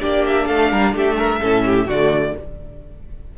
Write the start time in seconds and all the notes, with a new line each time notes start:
0.00 A#3 D4 G4 D5
0.27 E5
0.46 A3 A4 F5
0.72 G3 A#4
0.94 A3 G4 E5
1.17 A#4
1.41 A2 C#4 A4
1.66 G4
1.87 D3 A3 F#4 D5